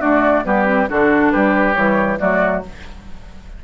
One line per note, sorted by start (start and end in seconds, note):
0.00 0.44 A3
0.00 0.45 D4
0.00 0.43 F#4
0.00 0.45 D5
0.44 0.89 G3
0.44 0.66 B3
0.44 0.90 G4
0.44 0.89 B4
0.66 0.88 C4
0.88 1.34 D3
0.88 1.75 D4
0.88 1.32 F#4
0.88 1.32 A4
1.32 1.76 G3
1.32 2.19 G4
1.32 1.74 B4
1.74 2.20 E3
1.74 2.18 G3
1.74 2.18 C#5
2.19 2.64 F#3
2.19 2.63 A3
2.19 2.63 F#4
2.19 2.63 D5